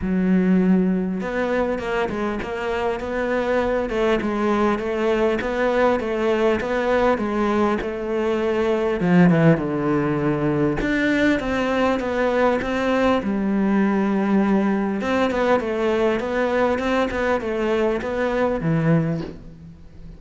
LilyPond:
\new Staff \with { instrumentName = "cello" } { \time 4/4 \tempo 4 = 100 fis2 b4 ais8 gis8 | ais4 b4. a8 gis4 | a4 b4 a4 b4 | gis4 a2 f8 e8 |
d2 d'4 c'4 | b4 c'4 g2~ | g4 c'8 b8 a4 b4 | c'8 b8 a4 b4 e4 | }